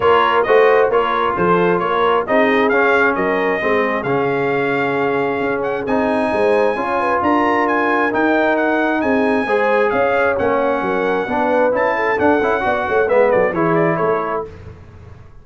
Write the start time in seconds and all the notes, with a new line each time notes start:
0.00 A#3 F4 A#4 C#5
0.42 A3 F#4 C5 D#5
0.88 A#3 F4 A#4 C#5
1.36 F3 A4 C5
1.79 A#3 A#4 C#5
2.27 C4 D#4 G#4 D#5
2.69 C#4 F5
3.15 F#3 A#4 D#5
3.60 G#3 C4 G#4
4.03 C#3 C#4 F5
5.40 C#4
5.62 F#5
5.86 C4 D#4 G#5
6.32 G#3 C5
6.75 C#4 F4 C#5
7.00 B4
7.21 D4 A#4 A#5
7.67 G#5
8.11 D#4 G5
8.56 F#5
9.01 C4 G#4 G#5
9.45 G#3 G#4 C5
9.89 C#4 C#5 F5
10.37 A#3 C#4 F#5
10.81 F#3 A#4
11.26 B3 D4 B4
11.71 C#4 E4 A5
11.95 A4
12.17 D4 F#5
12.41 C#4 E4
12.61 B3 F#4 D5
12.87 A3 C#5
13.07 G#3 B3 B4 E5
13.30 F#3 A4 D5
13.52 E3 E4 G#4 C#5
13.74 D5
13.96 A3 A4 C#5